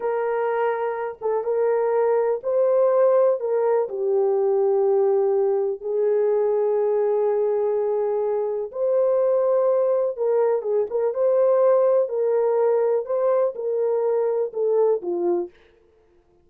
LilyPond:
\new Staff \with { instrumentName = "horn" } { \time 4/4 \tempo 4 = 124 ais'2~ ais'8 a'8 ais'4~ | ais'4 c''2 ais'4 | g'1 | gis'1~ |
gis'2 c''2~ | c''4 ais'4 gis'8 ais'8 c''4~ | c''4 ais'2 c''4 | ais'2 a'4 f'4 | }